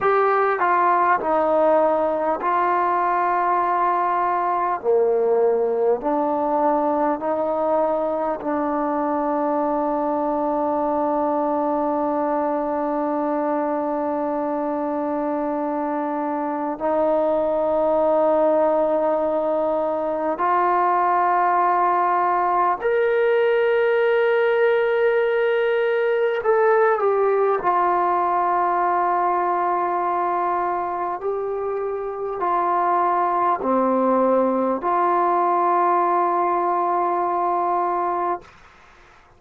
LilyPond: \new Staff \with { instrumentName = "trombone" } { \time 4/4 \tempo 4 = 50 g'8 f'8 dis'4 f'2 | ais4 d'4 dis'4 d'4~ | d'1~ | d'2 dis'2~ |
dis'4 f'2 ais'4~ | ais'2 a'8 g'8 f'4~ | f'2 g'4 f'4 | c'4 f'2. | }